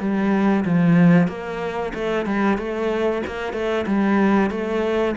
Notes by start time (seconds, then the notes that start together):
0.00 G3
0.66 F3
1.28 A#3
1.95 A3
2.26 G3
2.58 A3
3.27 A#3
3.54 A3
3.87 G3
4.51 A3